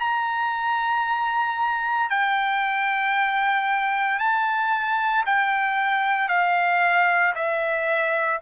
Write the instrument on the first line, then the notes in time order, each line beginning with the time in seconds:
trumpet
0.00 A#5
2.10 G5
4.19 A5
5.26 G5
6.29 F5
7.35 E5